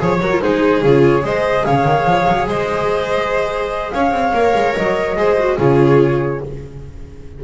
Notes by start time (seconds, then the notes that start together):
0.00 F3 G#4 C#5
0.21 F#3 F#4 A#4
0.32 F4
0.42 G#3 D#4 G#4 C5
0.82 C#3 F4 C#5
1.22 G#3 G#4 C5 D#5
1.65 C#3 C#5 F5
1.85 D#3
2.06 F3
2.28 F#3
2.47 G#3 C5 D#5
3.91 C#4 C#5 F5
4.12 C4
4.33 A#3 A#4
4.56 G#3
4.76 F#3 D#5
5.16 G#3 G#4 C5
5.40 F#4
5.58 C#3 F4 G#4 C#5